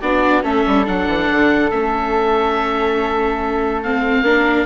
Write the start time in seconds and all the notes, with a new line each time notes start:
0.00 B3 D4 F#4 D5
0.42 A3 C#4 A4 E5
0.66 G3
0.84 F#3 D4 F#5
1.07 E3
1.30 D3
1.70 A3 C#4 E5
3.83 C4 F5
4.22 A#3 D4 A#4